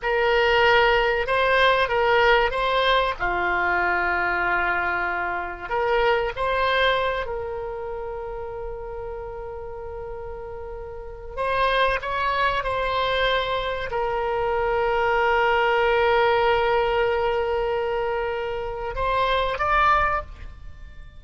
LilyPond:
\new Staff \with { instrumentName = "oboe" } { \time 4/4 \tempo 4 = 95 ais'2 c''4 ais'4 | c''4 f'2.~ | f'4 ais'4 c''4. ais'8~ | ais'1~ |
ais'2 c''4 cis''4 | c''2 ais'2~ | ais'1~ | ais'2 c''4 d''4 | }